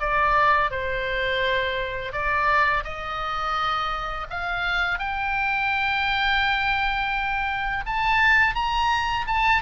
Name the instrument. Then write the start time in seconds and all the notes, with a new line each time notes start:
oboe
0.00 D5
0.71 C5
2.12 D5
2.84 D#5
4.30 F5
4.99 G5
7.86 A5
8.55 A#5
9.27 A5